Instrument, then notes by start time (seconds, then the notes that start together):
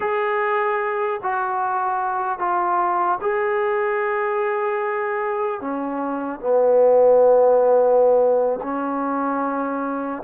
trombone
0.00 G#4
1.22 F#4
2.39 F4
3.21 G#4
5.60 C#4
6.40 B3
8.62 C#4